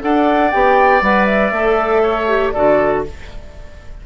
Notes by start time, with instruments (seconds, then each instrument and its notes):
0.00 bassoon D4, clarinet A4, oboe D5, flute F#5
0.51 bassoon B3, clarinet G4, flute G5
1.01 bassoon G3, clarinet B4, flute F#5
1.25 flute E5
1.52 bassoon A3, clarinet A4
2.03 oboe C#5
2.28 clarinet G4
2.51 bassoon D3, clarinet F#4, oboe A4, flute D5